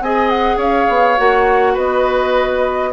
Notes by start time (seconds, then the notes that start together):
0.00 C4 G#4 D#5 G#5
0.29 F#5
0.57 C#4 C#5 F5
0.89 B3
1.17 A#3 F#4 F#5
1.73 B3 B4 D#5